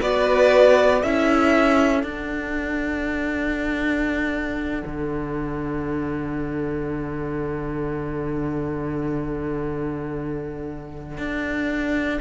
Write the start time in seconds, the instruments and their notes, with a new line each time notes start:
0.00 cello B3, viola F#4, violin B4 D5
1.01 cello C#4, viola E4, violin A4 E5
2.03 cello D4, viola D4, violin F#5
4.86 cello D3
11.18 cello D4